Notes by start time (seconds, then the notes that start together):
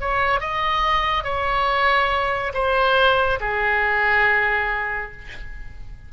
0.00 C#5
0.40 D#5
1.24 C#5
2.54 C5
3.40 G#4